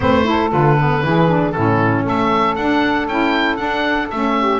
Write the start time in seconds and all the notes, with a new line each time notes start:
0.00 A3 C4 B4 C5
0.24 E4 A4
0.50 D3 F4 B4
0.78 B3
1.03 E3 E4 G#4
1.28 D4
1.51 A2 C#4 E4 A4
2.03 A3 A4 E5
2.55 D4 F#5
3.07 C#4 E4 G5
3.56 D4 F#5
4.10 A3 C#4 E5
4.38 G4